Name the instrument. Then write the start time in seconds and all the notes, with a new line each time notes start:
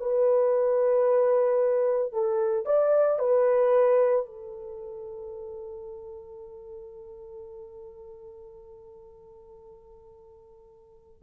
horn
0.00 B4
2.13 A4
2.66 D5
3.19 B4
4.26 A4